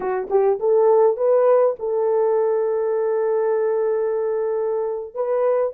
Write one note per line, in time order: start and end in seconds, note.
0.00 0.28 F#4
0.29 0.59 G4
0.59 1.16 A4
1.16 1.75 B4
1.79 5.14 A4
5.14 5.73 B4